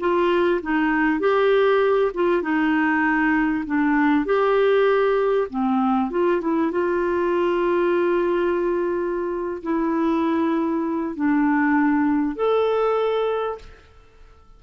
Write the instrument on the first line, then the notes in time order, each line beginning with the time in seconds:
clarinet
0.00 F4
0.62 D#4
1.20 G4
2.15 F4
2.43 D#4
3.66 D4
4.26 G4
5.50 C4
6.11 F4
6.41 E4
6.72 F4
9.63 E4
11.16 D4
12.36 A4